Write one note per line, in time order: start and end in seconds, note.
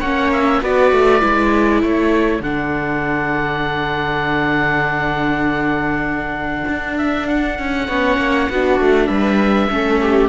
0.00 0.61 A#3
0.00 0.62 C#4
0.00 0.61 C#5
0.00 0.30 F#5
0.32 0.62 E5
0.61 0.92 B3
0.61 1.20 F#4
0.61 1.81 B4
0.61 1.82 D5
0.92 1.22 A3
1.20 1.83 G#3
1.20 2.41 E4
1.81 2.40 A3
1.81 7.87 A4
1.81 2.43 C#5
2.40 6.64 D3
2.40 7.89 D4
2.40 6.97 F#5
6.68 7.58 D4
6.97 7.27 E5
7.27 9.06 F#5
7.58 7.88 C#4
7.87 8.17 B3
7.87 8.51 C#4
7.87 8.47 C#5
8.17 8.48 A#3
8.49 8.80 B3
8.49 9.70 D4
8.49 9.08 F#4
8.80 9.08 A3
9.06 9.69 G3
9.06 9.68 B4
9.06 10.27 E5
9.70 10.29 A3
9.70 10.29 C#4
9.70 10.01 A4
10.01 10.29 G4